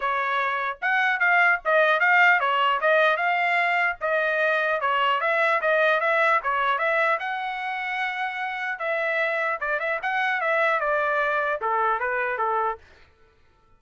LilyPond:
\new Staff \with { instrumentName = "trumpet" } { \time 4/4 \tempo 4 = 150 cis''2 fis''4 f''4 | dis''4 f''4 cis''4 dis''4 | f''2 dis''2 | cis''4 e''4 dis''4 e''4 |
cis''4 e''4 fis''2~ | fis''2 e''2 | d''8 e''8 fis''4 e''4 d''4~ | d''4 a'4 b'4 a'4 | }